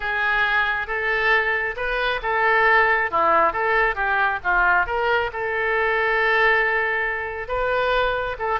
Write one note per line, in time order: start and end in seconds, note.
0.00 0.87 G#4
0.87 1.75 A4
1.76 2.20 B4
2.22 3.10 A4
3.11 3.52 E4
3.52 3.95 A4
3.95 4.39 G4
4.43 4.86 F4
4.86 5.30 A#4
5.33 7.48 A4
7.48 8.36 B4
8.38 8.59 A4